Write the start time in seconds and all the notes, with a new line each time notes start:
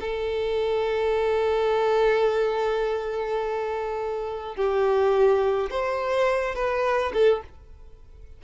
0.00 A4
4.56 G4
5.70 C5
6.55 B4
7.13 A4